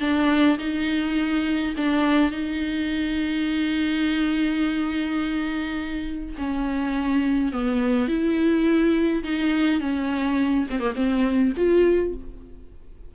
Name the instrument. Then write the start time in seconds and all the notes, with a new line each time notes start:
viola
0.00 D4
0.58 D#4
1.76 D4
2.31 D#4
6.38 C#4
7.52 B3
8.08 E4
9.23 D#4
9.80 C#4
10.70 C4
10.79 A#3
10.95 C4
11.57 F4